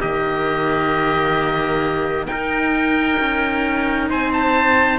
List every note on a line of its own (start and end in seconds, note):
0.00 2.27 D#3
0.00 2.27 A#3
0.00 2.28 G4
0.00 2.27 D#5
2.27 3.18 D#4
2.27 4.99 D#4
2.27 4.10 A#4
2.27 4.09 G5
3.19 4.10 C#4
4.10 4.99 C4
4.10 4.99 C5
4.10 4.33 G#5
4.33 4.99 A5